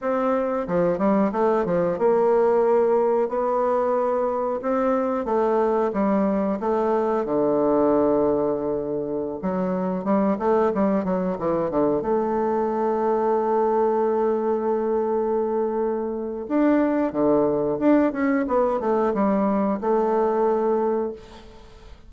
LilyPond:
\new Staff \with { instrumentName = "bassoon" } { \time 4/4 \tempo 4 = 91 c'4 f8 g8 a8 f8 ais4~ | ais4 b2 c'4 | a4 g4 a4 d4~ | d2~ d16 fis4 g8 a16~ |
a16 g8 fis8 e8 d8 a4.~ a16~ | a1~ | a4 d'4 d4 d'8 cis'8 | b8 a8 g4 a2 | }